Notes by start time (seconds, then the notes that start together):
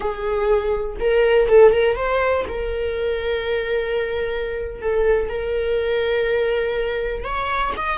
0.00 G#4
1.00 A#4
1.48 A4
1.71 A#4
1.96 C5
2.48 A#4
4.81 A4
5.28 A#4
7.24 C#5
7.76 D#5